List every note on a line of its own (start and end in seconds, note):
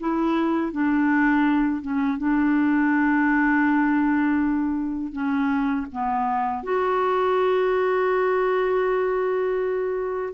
0.00 0.72 E4
0.72 1.82 D4
1.82 2.18 C#4
2.18 5.12 D4
5.12 5.87 C#4
5.92 6.63 B3
6.63 10.34 F#4